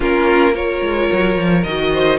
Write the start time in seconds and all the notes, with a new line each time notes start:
0.00 A#3 C#4 F4 A#4
0.53 F4 A#4 C#5
0.82 G#3
1.11 F#3
1.37 F3
1.64 D#3 F#4 D#5
1.92 C5